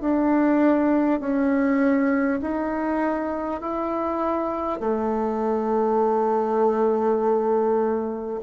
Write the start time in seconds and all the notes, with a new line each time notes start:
0.00 D4
1.20 C#4
2.41 D#4
3.60 E4
4.79 A3